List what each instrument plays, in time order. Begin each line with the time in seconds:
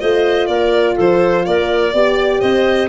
0.00 tuba A3, horn F4, clarinet C5, violin D#5
0.47 tuba A#3, clarinet A#4, violin D5
0.96 tuba F3, clarinet A4, violin C5
1.46 tuba A#3, clarinet A#4, violin D5
1.94 tuba B3, horn G4, clarinet D5
2.41 tuba C4, clarinet C5, violin D#5